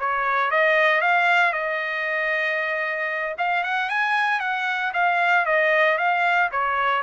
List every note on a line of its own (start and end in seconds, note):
0.00 0.51 C#5
0.51 1.02 D#5
1.02 1.53 F5
1.53 3.36 D#5
3.38 3.64 F5
3.64 3.90 F#5
3.90 4.41 G#5
4.41 4.93 F#5
4.94 5.46 F5
5.46 5.98 D#5
5.98 6.51 F5
6.52 7.03 C#5